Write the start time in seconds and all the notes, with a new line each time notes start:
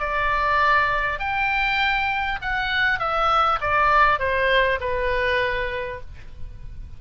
0.00 D5
1.20 G5
2.42 F#5
3.00 E5
3.61 D5
4.19 C5
4.81 B4